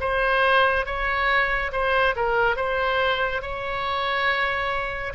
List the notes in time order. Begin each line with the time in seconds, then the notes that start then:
0.00 C5
0.86 C#5
1.72 C5
2.16 A#4
2.56 C5
3.41 C#5